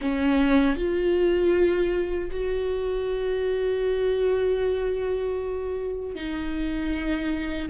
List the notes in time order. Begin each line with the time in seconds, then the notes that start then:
0.01 C#4
0.76 F4
2.30 F#4
6.15 D#4